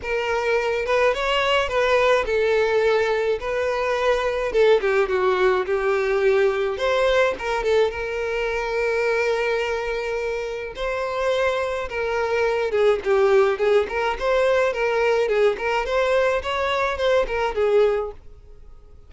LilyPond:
\new Staff \with { instrumentName = "violin" } { \time 4/4 \tempo 4 = 106 ais'4. b'8 cis''4 b'4 | a'2 b'2 | a'8 g'8 fis'4 g'2 | c''4 ais'8 a'8 ais'2~ |
ais'2. c''4~ | c''4 ais'4. gis'8 g'4 | gis'8 ais'8 c''4 ais'4 gis'8 ais'8 | c''4 cis''4 c''8 ais'8 gis'4 | }